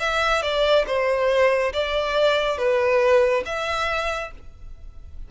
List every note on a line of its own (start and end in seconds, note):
0.00 0.42 E5
0.42 0.85 D5
0.87 1.73 C5
1.73 2.58 D5
2.58 3.44 B4
3.46 4.31 E5